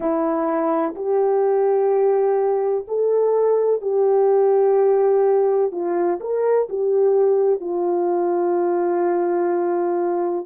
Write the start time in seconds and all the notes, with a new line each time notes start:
0.00 E4
0.95 G4
2.87 A4
3.81 G4
5.71 F4
6.20 A#4
6.69 G4
7.60 F4